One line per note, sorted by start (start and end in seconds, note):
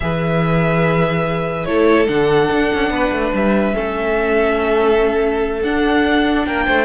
0.00 1.66 E3
0.00 1.67 G#4
0.00 1.67 B4
0.00 1.65 E5
1.65 2.08 A3
1.65 2.08 E4
1.65 2.92 A4
1.65 2.06 C#5
2.07 2.50 D3
2.07 3.74 D4
2.07 3.32 F#5
2.51 2.71 D4
2.74 2.90 C#4
2.90 3.11 B3
2.90 3.74 B4
3.11 3.32 A3
3.33 3.74 G3
3.33 5.62 E5
3.74 5.63 A3
3.74 5.61 C#4
3.74 6.45 A4
5.62 6.46 D4
5.62 6.85 D4
5.62 6.45 F#5
6.45 6.67 A#3
6.45 6.66 A#4
6.45 6.85 G5
6.66 6.85 A3
6.66 6.85 C5